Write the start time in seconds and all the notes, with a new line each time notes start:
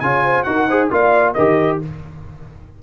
0.00 C#3 F4 C#5 G#5
0.24 C5
0.43 D#4 F#4 A#4 F#5
0.67 G#4 C5
0.90 A#3 F4 D5 F5
1.34 D#3 G4 A#4 D#5